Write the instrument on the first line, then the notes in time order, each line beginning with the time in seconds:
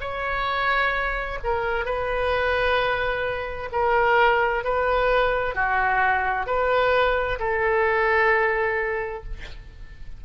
oboe
0.00 C#5
1.43 A#4
1.85 B4
3.72 A#4
4.64 B4
5.54 F#4
6.46 B4
7.39 A4